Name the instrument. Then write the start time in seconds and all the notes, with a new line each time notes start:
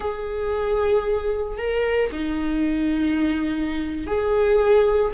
viola
0.00 G#4
1.57 A#4
2.11 D#4
4.06 G#4